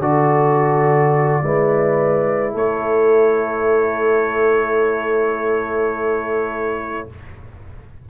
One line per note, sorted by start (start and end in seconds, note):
0.00 1.42 D3
0.00 1.43 F#4
0.00 1.43 A4
0.00 2.57 D5
1.43 2.54 G#3
1.43 7.09 E4
1.43 2.54 B4
2.54 7.07 A3
2.54 7.07 A4
2.54 7.10 C#5